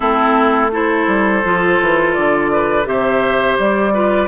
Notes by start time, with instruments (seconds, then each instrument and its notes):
0.00 bassoon A3, clarinet C4, oboe E4, flute A4
0.71 clarinet E4, oboe A4, flute C5
1.07 bassoon G3
1.43 bassoon F3, clarinet F4
1.80 bassoon E3
2.13 bassoon D3, flute D5
2.52 oboe B4
2.84 bassoon C3, clarinet G4, oboe C5, flute E5
3.58 bassoon G3, flute D5
3.93 clarinet F4, oboe B4